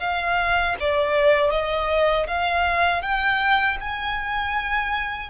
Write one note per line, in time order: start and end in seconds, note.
0.00 0.76 F5
0.80 1.51 D5
1.51 2.27 D#5
2.28 3.02 F5
3.02 3.78 G5
3.81 5.30 G#5